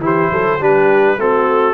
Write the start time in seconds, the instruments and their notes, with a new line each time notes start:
0.00 tuba E3, trombone E4, horn G4
0.06 trumpet C5
0.31 tuba F#3, horn A4
0.60 tuba G3, trombone D4, horn G4, trumpet B4
1.17 tuba A3, trombone C4, horn F#4, trumpet A4